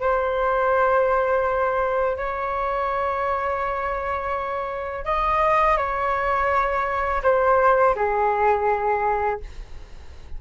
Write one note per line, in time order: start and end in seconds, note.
0.00 2.17 C5
2.17 5.05 C#5
5.05 5.77 D#5
5.77 7.22 C#5
7.23 7.95 C5
7.95 9.40 G#4